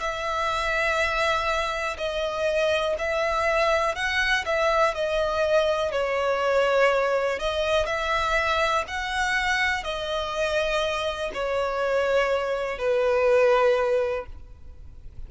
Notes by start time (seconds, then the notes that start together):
0.00 E5
1.98 D#5
2.98 E5
3.95 F#5
4.46 E5
4.94 D#5
5.92 C#5
7.39 D#5
7.86 E5
8.87 F#5
9.84 D#5
11.33 C#5
12.79 B4